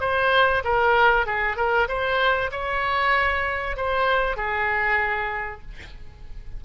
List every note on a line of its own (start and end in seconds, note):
0.00 0.62 C5
0.64 1.26 A#4
1.26 1.56 G#4
1.56 1.88 A#4
1.88 2.51 C5
2.51 3.76 C#5
3.76 4.36 C5
4.36 5.61 G#4